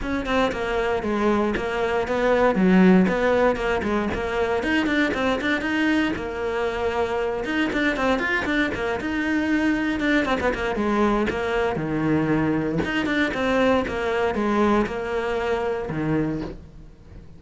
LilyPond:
\new Staff \with { instrumentName = "cello" } { \time 4/4 \tempo 4 = 117 cis'8 c'8 ais4 gis4 ais4 | b4 fis4 b4 ais8 gis8 | ais4 dis'8 d'8 c'8 d'8 dis'4 | ais2~ ais8 dis'8 d'8 c'8 |
f'8 d'8 ais8 dis'2 d'8 | c'16 b16 ais8 gis4 ais4 dis4~ | dis4 dis'8 d'8 c'4 ais4 | gis4 ais2 dis4 | }